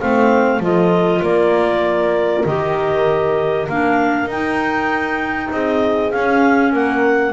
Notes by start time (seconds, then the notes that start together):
0.00 A3 C4 C5 F5
0.60 F3 F4 A4 D#5
1.22 A#3 A#4 D5
2.45 D#3 G4 D#5
3.68 A#3 D4 F5
4.26 D#4 G5
5.51 C4 G#4 D#5
6.11 C#4 F5
6.73 A#3 A#4 F#5